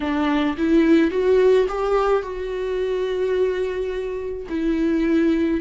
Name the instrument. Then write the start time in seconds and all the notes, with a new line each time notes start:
viola
0.00 D4
0.57 E4
1.11 F#4
1.68 G4
2.22 F#4
4.49 E4